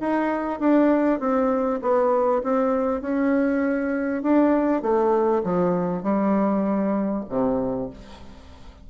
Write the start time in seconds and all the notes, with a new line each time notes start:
0.00 D#4
0.59 D4
1.20 C4
1.82 B3
2.43 C4
3.01 C#4
4.22 D4
4.82 A3
5.43 F3
6.03 G3
7.29 C3